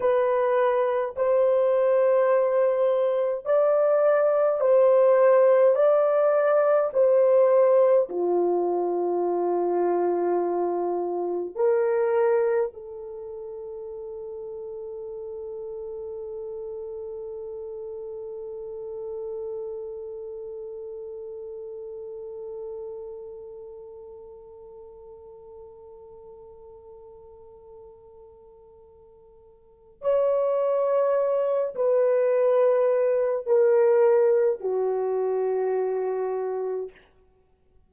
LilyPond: \new Staff \with { instrumentName = "horn" } { \time 4/4 \tempo 4 = 52 b'4 c''2 d''4 | c''4 d''4 c''4 f'4~ | f'2 ais'4 a'4~ | a'1~ |
a'1~ | a'1~ | a'2 cis''4. b'8~ | b'4 ais'4 fis'2 | }